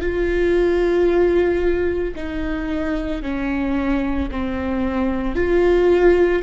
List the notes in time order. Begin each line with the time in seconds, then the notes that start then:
0.00 F4
2.15 D#4
3.22 C#4
4.31 C4
5.35 F4